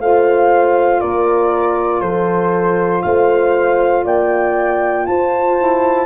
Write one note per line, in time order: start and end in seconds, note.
0.00 1.02 A3
0.00 5.58 F4
0.00 1.01 C5
0.00 1.00 F5
1.00 2.02 A#3
1.00 2.01 A#4
1.00 2.01 D5
2.01 3.03 F3
2.01 3.03 A4
2.01 3.02 C5
3.02 4.05 A3
3.02 4.05 C5
3.02 4.04 F5
4.05 5.07 A#3
4.05 5.07 D5
4.05 5.06 G5
5.06 6.06 F4
5.06 6.06 C5
5.06 6.06 A5
5.58 6.06 E4